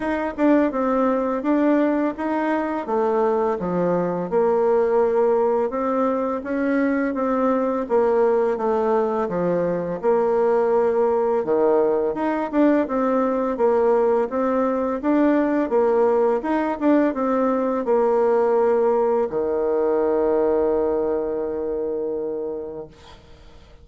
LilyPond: \new Staff \with { instrumentName = "bassoon" } { \time 4/4 \tempo 4 = 84 dis'8 d'8 c'4 d'4 dis'4 | a4 f4 ais2 | c'4 cis'4 c'4 ais4 | a4 f4 ais2 |
dis4 dis'8 d'8 c'4 ais4 | c'4 d'4 ais4 dis'8 d'8 | c'4 ais2 dis4~ | dis1 | }